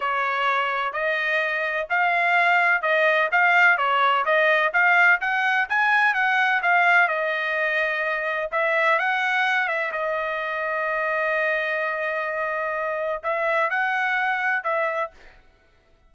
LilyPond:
\new Staff \with { instrumentName = "trumpet" } { \time 4/4 \tempo 4 = 127 cis''2 dis''2 | f''2 dis''4 f''4 | cis''4 dis''4 f''4 fis''4 | gis''4 fis''4 f''4 dis''4~ |
dis''2 e''4 fis''4~ | fis''8 e''8 dis''2.~ | dis''1 | e''4 fis''2 e''4 | }